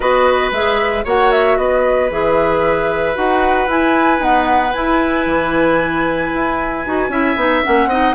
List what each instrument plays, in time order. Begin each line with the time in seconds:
0.00 bassoon B3, clarinet F#4, oboe B4, flute D#5
0.51 bassoon G#3, clarinet G#4, flute E5
1.04 bassoon A#3, clarinet F#4, oboe C#5, flute F#5
1.31 flute E5
1.57 bassoon B3, oboe B4, flute D#5
2.10 bassoon E3, clarinet G#4, flute E5
3.14 bassoon D#4, clarinet F#4, flute F#5
3.67 bassoon E4, clarinet E4, flute G#5
4.18 clarinet B3, bassoon D#4, flute F#5
4.72 clarinet E4, bassoon E4, flute G#5
5.26 bassoon E3
6.34 bassoon E4
6.85 bassoon D#4, clarinet F#4
7.08 bassoon C#4, clarinet E4, oboe E5
7.35 bassoon B3, clarinet D#4
7.63 bassoon A#3, clarinet C#4, flute F#5
7.86 bassoon C4, clarinet D#4, oboe D#5